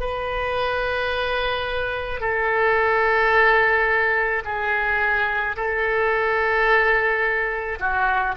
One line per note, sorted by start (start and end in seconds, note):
0.00 2.20 B4
2.20 4.42 A4
4.45 5.56 G#4
5.56 7.78 A4
7.80 8.35 F#4